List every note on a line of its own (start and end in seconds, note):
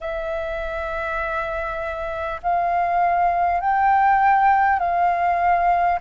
0.01 2.41 E5
2.42 3.60 F5
3.60 4.79 G5
4.79 5.99 F5